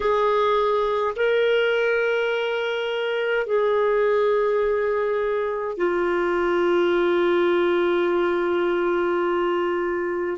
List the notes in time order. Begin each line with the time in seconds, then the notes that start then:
0.00 G#4
1.15 A#4
3.46 G#4
5.77 F4